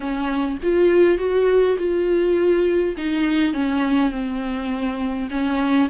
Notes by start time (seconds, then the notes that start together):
0.00 C#4
0.62 F4
1.18 F#4
1.78 F4
2.97 D#4
3.53 C#4
4.11 C4
5.30 C#4